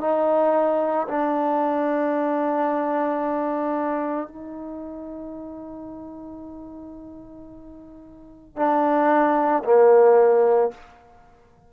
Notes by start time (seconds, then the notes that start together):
0.00 D#4
1.08 D4
4.28 D#4
8.56 D4
9.64 A#3